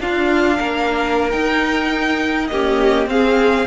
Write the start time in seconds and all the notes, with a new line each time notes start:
0.00 D4 F4 F5
0.58 A#3 A#4
1.31 D#4 G5
2.47 A#3 C#4 G4 D#5
3.07 C4 G#4 F5